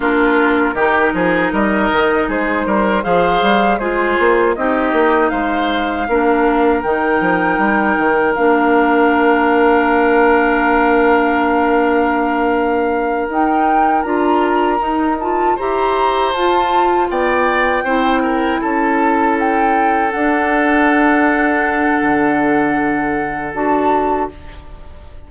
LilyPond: <<
  \new Staff \with { instrumentName = "flute" } { \time 4/4 \tempo 4 = 79 ais'2 dis''4 c''4 | f''4 c''4 dis''4 f''4~ | f''4 g''2 f''4~ | f''1~ |
f''4. g''4 ais''4. | a''8 ais''4 a''4 g''4.~ | g''8 a''4 g''4 fis''4.~ | fis''2. a''4 | }
  \new Staff \with { instrumentName = "oboe" } { \time 4/4 f'4 g'8 gis'8 ais'4 gis'8 ais'8 | c''4 gis'4 g'4 c''4 | ais'1~ | ais'1~ |
ais'1~ | ais'8 c''2 d''4 c''8 | ais'8 a'2.~ a'8~ | a'1 | }
  \new Staff \with { instrumentName = "clarinet" } { \time 4/4 d'4 dis'2. | gis'4 f'4 dis'2 | d'4 dis'2 d'4~ | d'1~ |
d'4. dis'4 f'4 dis'8 | f'8 g'4 f'2 e'8~ | e'2~ e'8 d'4.~ | d'2. fis'4 | }
  \new Staff \with { instrumentName = "bassoon" } { \time 4/4 ais4 dis8 f8 g8 dis8 gis8 g8 | f8 g8 gis8 ais8 c'8 ais8 gis4 | ais4 dis8 f8 g8 dis8 ais4~ | ais1~ |
ais4. dis'4 d'4 dis'8~ | dis'8 e'4 f'4 b4 c'8~ | c'8 cis'2 d'4.~ | d'4 d2 d'4 | }
>>